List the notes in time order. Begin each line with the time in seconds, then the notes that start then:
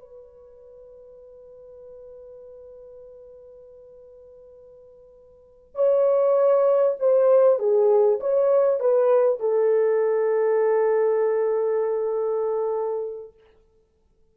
0.00 B4
5.75 C#5
7.00 C5
7.60 G#4
8.21 C#5
8.80 B4
9.40 A4